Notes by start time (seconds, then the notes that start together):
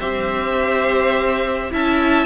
0.00 C4 G4 C5 E5
1.71 C#4 E4 E5 A5